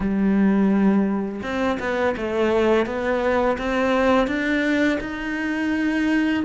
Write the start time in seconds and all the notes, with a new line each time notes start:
0.00 G3
1.43 C4
1.79 B3
2.16 A3
2.86 B3
3.58 C4
4.27 D4
5.00 D#4